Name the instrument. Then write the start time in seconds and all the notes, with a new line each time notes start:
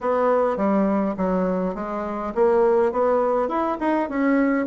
bassoon
0.01 B3
0.57 G3
1.17 F#3
1.74 G#3
2.35 A#3
2.92 B3
3.48 E4
3.80 D#4
4.09 C#4